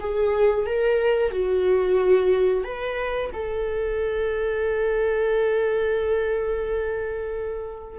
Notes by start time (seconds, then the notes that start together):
0.00 G#4
0.66 A#4
1.31 F#4
2.64 B4
3.33 A4